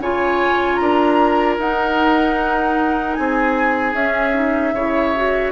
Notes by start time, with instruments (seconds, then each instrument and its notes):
0.00 bassoon C#3, clarinet F4, oboe C#5, flute G#5
0.76 bassoon D4, oboe A#4, flute A#5
1.59 bassoon D#4, clarinet D#4, flute F#5
3.14 bassoon C4, oboe G#4, flute G#5
3.94 bassoon C#4, clarinet C#4, flute E5
4.35 clarinet D#4
4.75 bassoon C#3, clarinet E4, oboe C#5
5.16 clarinet F#4